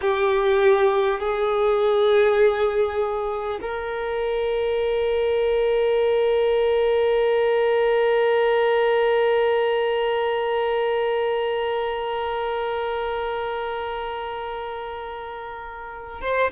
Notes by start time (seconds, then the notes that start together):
0.01 G4
1.19 G#4
3.61 A#4
16.21 C5